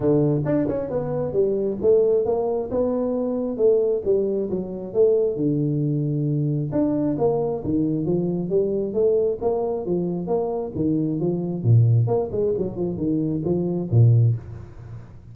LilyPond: \new Staff \with { instrumentName = "tuba" } { \time 4/4 \tempo 4 = 134 d4 d'8 cis'8 b4 g4 | a4 ais4 b2 | a4 g4 fis4 a4 | d2. d'4 |
ais4 dis4 f4 g4 | a4 ais4 f4 ais4 | dis4 f4 ais,4 ais8 gis8 | fis8 f8 dis4 f4 ais,4 | }